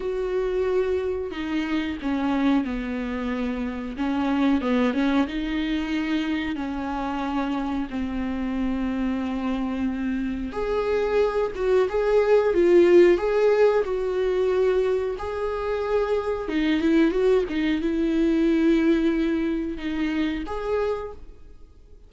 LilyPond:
\new Staff \with { instrumentName = "viola" } { \time 4/4 \tempo 4 = 91 fis'2 dis'4 cis'4 | b2 cis'4 b8 cis'8 | dis'2 cis'2 | c'1 |
gis'4. fis'8 gis'4 f'4 | gis'4 fis'2 gis'4~ | gis'4 dis'8 e'8 fis'8 dis'8 e'4~ | e'2 dis'4 gis'4 | }